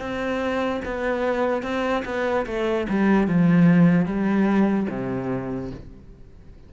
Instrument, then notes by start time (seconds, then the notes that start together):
cello
0.00 C4
0.85 B3
1.63 C4
2.05 B3
2.47 A3
2.89 G3
3.28 F3
4.06 G3
4.89 C3